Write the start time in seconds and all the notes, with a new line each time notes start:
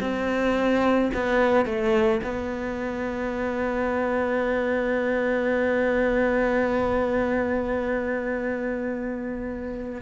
0.00 C4
1.14 B3
1.66 A3
2.24 B3